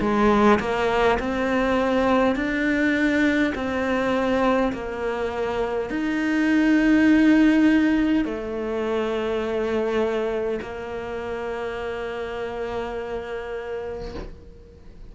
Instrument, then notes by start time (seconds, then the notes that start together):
cello
0.00 G#3
0.59 A#3
1.19 C4
2.35 D4
3.55 C4
4.73 A#3
5.89 D#4
8.25 A3
10.61 A#3